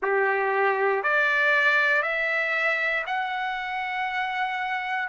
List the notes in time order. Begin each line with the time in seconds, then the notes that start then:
0.02 G4
1.03 D5
2.02 E5
3.06 F#5